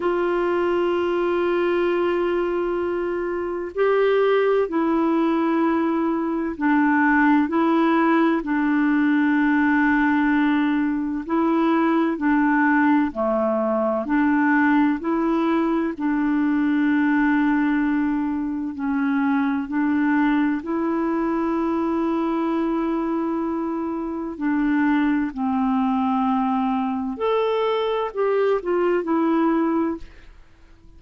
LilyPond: \new Staff \with { instrumentName = "clarinet" } { \time 4/4 \tempo 4 = 64 f'1 | g'4 e'2 d'4 | e'4 d'2. | e'4 d'4 a4 d'4 |
e'4 d'2. | cis'4 d'4 e'2~ | e'2 d'4 c'4~ | c'4 a'4 g'8 f'8 e'4 | }